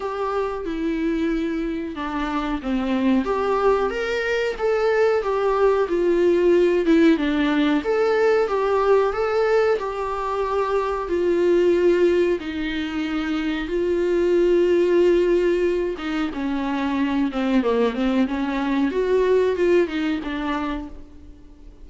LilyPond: \new Staff \with { instrumentName = "viola" } { \time 4/4 \tempo 4 = 92 g'4 e'2 d'4 | c'4 g'4 ais'4 a'4 | g'4 f'4. e'8 d'4 | a'4 g'4 a'4 g'4~ |
g'4 f'2 dis'4~ | dis'4 f'2.~ | f'8 dis'8 cis'4. c'8 ais8 c'8 | cis'4 fis'4 f'8 dis'8 d'4 | }